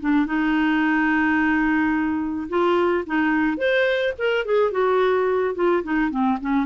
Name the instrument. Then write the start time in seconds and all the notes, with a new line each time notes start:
clarinet
0.00 D4
0.26 D#4
2.49 F4
3.06 D#4
3.58 C5
4.18 A#4
4.45 G#4
4.71 F#4
5.55 F4
5.83 D#4
6.10 C4
6.41 C#4